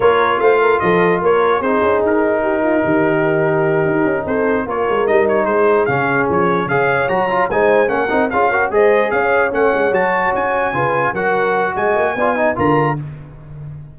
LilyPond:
<<
  \new Staff \with { instrumentName = "trumpet" } { \time 4/4 \tempo 4 = 148 cis''4 f''4 dis''4 cis''4 | c''4 ais'2.~ | ais'2~ ais'8 c''4 cis''8~ | cis''8 dis''8 cis''8 c''4 f''4 cis''8~ |
cis''8 f''4 ais''4 gis''4 fis''8~ | fis''8 f''4 dis''4 f''4 fis''8~ | fis''8 a''4 gis''2 fis''8~ | fis''4 gis''2 ais''4 | }
  \new Staff \with { instrumentName = "horn" } { \time 4/4 ais'4 c''8 ais'8 a'4 ais'4 | gis'2 g'8 f'8 g'4~ | g'2~ g'8 a'4 ais'8~ | ais'4. gis'2~ gis'8~ |
gis'8 cis''2 c''4 ais'8~ | ais'8 gis'8 ais'8 c''4 cis''4.~ | cis''2~ cis''8 b'4 ais'8~ | ais'4 dis''4 d''8 dis''8 ais'4 | }
  \new Staff \with { instrumentName = "trombone" } { \time 4/4 f'1 | dis'1~ | dis'2.~ dis'8 f'8~ | f'8 dis'2 cis'4.~ |
cis'8 gis'4 fis'8 f'8 dis'4 cis'8 | dis'8 f'8 fis'8 gis'2 cis'8~ | cis'8 fis'2 f'4 fis'8~ | fis'2 f'8 dis'8 f'4 | }
  \new Staff \with { instrumentName = "tuba" } { \time 4/4 ais4 a4 f4 ais4 | c'8 cis'8 dis'2 dis4~ | dis4. dis'8 cis'8 c'4 ais8 | gis8 g4 gis4 cis4 f8~ |
f8 cis4 fis4 gis4 ais8 | c'8 cis'4 gis4 cis'4 a8 | gis8 fis4 cis'4 cis4 fis8~ | fis4 gis8 ais8 b4 d4 | }
>>